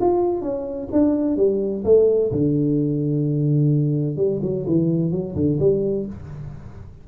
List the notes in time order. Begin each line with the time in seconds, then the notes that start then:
0.00 F4
0.41 C#4
0.92 D4
1.36 G3
1.84 A3
2.31 D3
4.16 G3
4.42 F#3
4.66 E3
5.11 F#3
5.35 D3
5.59 G3